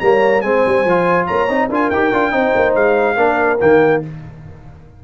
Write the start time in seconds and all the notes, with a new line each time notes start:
0.00 G3 A#3 C#5 A#5
0.41 G#3 C4 C5 G#5
0.66 G3
0.85 F3 F4
1.27 A#3 C#5 A#5
1.49 C4 D#4
1.69 D4 F4 A#4 G#5
1.90 D#4 G4 G5
2.13 D4 F4
2.32 C4 D#4 C5
2.56 A#3
2.75 G#3 F5
3.17 A#3 D4 A#4
3.60 D#3 A#3 G5